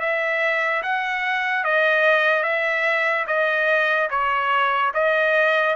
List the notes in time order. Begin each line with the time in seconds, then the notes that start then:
0.00 E5
0.83 F#5
1.64 D#5
2.43 E5
3.27 D#5
4.10 C#5
4.94 D#5